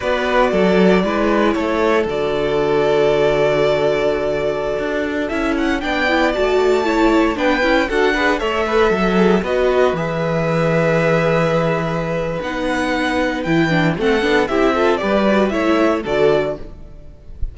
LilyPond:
<<
  \new Staff \with { instrumentName = "violin" } { \time 4/4 \tempo 4 = 116 d''2. cis''4 | d''1~ | d''2~ d''16 e''8 fis''8 g''8.~ | g''16 a''2 g''4 fis''8.~ |
fis''16 e''2 dis''4 e''8.~ | e''1 | fis''2 g''4 fis''4 | e''4 d''4 e''4 d''4 | }
  \new Staff \with { instrumentName = "violin" } { \time 4/4 b'4 a'4 b'4 a'4~ | a'1~ | a'2.~ a'16 d''8.~ | d''4~ d''16 cis''4 b'4 a'8 b'16~ |
b'16 cis''8 b'8 a'4 b'4.~ b'16~ | b'1~ | b'2. a'4 | g'8 a'8 b'4 cis''4 a'4 | }
  \new Staff \with { instrumentName = "viola" } { \time 4/4 fis'2 e'2 | fis'1~ | fis'2~ fis'16 e'4 d'8 e'16~ | e'16 fis'4 e'4 d'8 e'8 fis'8 gis'16~ |
gis'16 a'4. gis'8 fis'4 gis'8.~ | gis'1 | dis'2 e'8 d'8 c'8 d'8 | e'8 f'8 g'8 fis'8 e'4 fis'4 | }
  \new Staff \with { instrumentName = "cello" } { \time 4/4 b4 fis4 gis4 a4 | d1~ | d4~ d16 d'4 cis'4 b8.~ | b16 a2 b8 cis'8 d'8.~ |
d'16 a4 fis4 b4 e8.~ | e1 | b2 e4 a8 b8 | c'4 g4 a4 d4 | }
>>